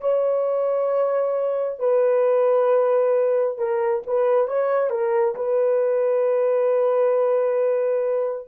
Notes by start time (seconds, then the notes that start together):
0.00 C#5
1.79 B4
3.58 A#4
4.07 B4
4.47 C#5
4.90 A#4
5.35 B4